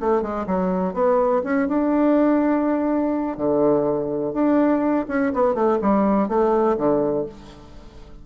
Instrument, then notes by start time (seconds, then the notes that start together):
bassoon
0.00 A3
0.22 G#3
0.46 F#3
0.94 B3
1.44 C#4
1.68 D4
3.37 D3
4.33 D4
5.08 C#4
5.34 B3
5.54 A3
5.81 G3
6.28 A3
6.77 D3